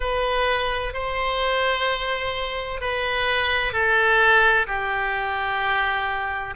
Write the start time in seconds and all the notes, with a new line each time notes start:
0.00 B4
0.93 C5
2.80 B4
3.72 A4
4.66 G4